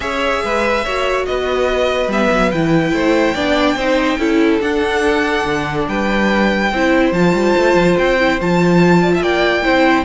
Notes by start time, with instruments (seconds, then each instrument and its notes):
0.00 cello C#4, viola G#4, violin C#5 E5
0.43 cello G#3, violin B4
0.84 cello A#3, viola F#4, violin C#5
1.25 cello B3, violin B4 D#5
2.07 cello G3, viola B3, violin E5
2.31 cello F#3
2.51 cello E3, viola E4, violin G5
2.92 cello A3, violin C5
3.34 cello B3, viola D4, violin D5
3.75 cello C4, viola D#4, violin C5
4.17 cello C#4, viola E4, violin A4
4.60 viola D4, cello D4, violin F#5
5.45 cello D3
5.87 cello G3, violin B4 G5
6.71 cello C4, viola E4, violin C5
7.11 cello F3, viola F4, violin A5
7.33 cello G3
7.57 cello A3
7.74 cello F3
7.97 cello C4, violin G5
8.19 viola E4
8.40 cello F3, viola F4, violin A5
9.01 violin D5
9.13 violin E5
9.20 cello A#3, violin D5 G5
9.63 cello C4, viola E4, violin C5